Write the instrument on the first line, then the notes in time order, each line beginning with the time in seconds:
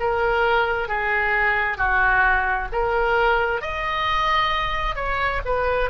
oboe
0.00 A#4
0.88 G#4
1.77 F#4
2.72 A#4
3.62 D#5
4.95 C#5
5.45 B4